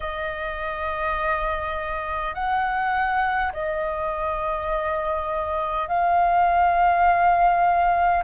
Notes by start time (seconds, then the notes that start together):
0.00 D#5
2.34 F#5
3.52 D#5
5.88 F5